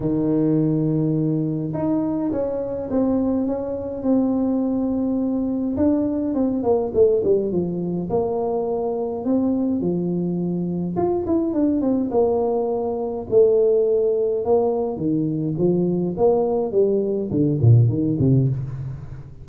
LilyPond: \new Staff \with { instrumentName = "tuba" } { \time 4/4 \tempo 4 = 104 dis2. dis'4 | cis'4 c'4 cis'4 c'4~ | c'2 d'4 c'8 ais8 | a8 g8 f4 ais2 |
c'4 f2 f'8 e'8 | d'8 c'8 ais2 a4~ | a4 ais4 dis4 f4 | ais4 g4 d8 ais,8 dis8 c8 | }